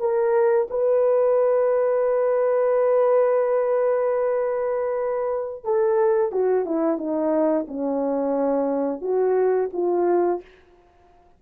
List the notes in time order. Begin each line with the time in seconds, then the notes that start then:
0.00 A#4
0.70 B4
5.64 A4
6.32 F#4
6.66 E4
6.98 D#4
7.68 C#4
9.02 F#4
9.73 F4